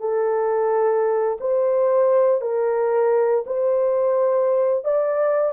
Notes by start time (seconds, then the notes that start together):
0.00 A4
1.41 C5
2.41 A#4
3.47 C5
4.85 D5